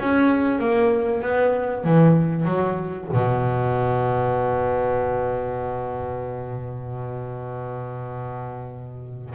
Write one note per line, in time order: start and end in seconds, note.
0.00 0.59 C#4
0.59 1.22 A#3
1.22 1.84 B3
1.84 2.45 E3
2.45 3.08 F#3
3.13 9.35 B2